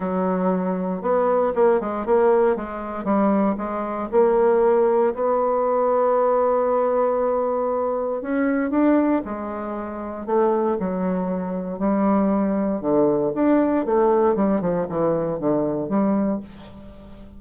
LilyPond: \new Staff \with { instrumentName = "bassoon" } { \time 4/4 \tempo 4 = 117 fis2 b4 ais8 gis8 | ais4 gis4 g4 gis4 | ais2 b2~ | b1 |
cis'4 d'4 gis2 | a4 fis2 g4~ | g4 d4 d'4 a4 | g8 f8 e4 d4 g4 | }